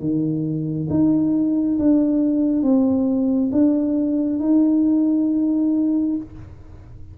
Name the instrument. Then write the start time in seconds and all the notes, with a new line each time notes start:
tuba
0.00 D#3
0.90 D#4
1.79 D4
2.63 C4
3.52 D4
4.40 D#4